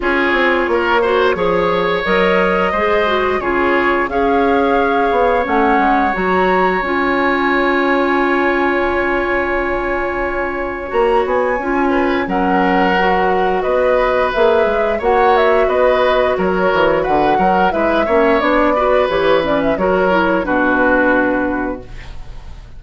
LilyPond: <<
  \new Staff \with { instrumentName = "flute" } { \time 4/4 \tempo 4 = 88 cis''2. dis''4~ | dis''4 cis''4 f''2 | fis''4 ais''4 gis''2~ | gis''1 |
ais''8 gis''4. fis''2 | dis''4 e''4 fis''8 e''8 dis''4 | cis''4 fis''4 e''4 d''4 | cis''8 d''16 e''16 cis''4 b'2 | }
  \new Staff \with { instrumentName = "oboe" } { \time 4/4 gis'4 ais'8 c''8 cis''2 | c''4 gis'4 cis''2~ | cis''1~ | cis''1~ |
cis''4. b'8 ais'2 | b'2 cis''4 b'4 | ais'4 b'8 ais'8 b'8 cis''4 b'8~ | b'4 ais'4 fis'2 | }
  \new Staff \with { instrumentName = "clarinet" } { \time 4/4 f'4. fis'8 gis'4 ais'4 | gis'8 fis'8 f'4 gis'2 | cis'4 fis'4 f'2~ | f'1 |
fis'4 f'4 cis'4 fis'4~ | fis'4 gis'4 fis'2~ | fis'2 e'8 cis'8 d'8 fis'8 | g'8 cis'8 fis'8 e'8 d'2 | }
  \new Staff \with { instrumentName = "bassoon" } { \time 4/4 cis'8 c'8 ais4 f4 fis4 | gis4 cis4 cis'4. b8 | a8 gis8 fis4 cis'2~ | cis'1 |
ais8 b8 cis'4 fis2 | b4 ais8 gis8 ais4 b4 | fis8 e8 d8 fis8 gis8 ais8 b4 | e4 fis4 b,2 | }
>>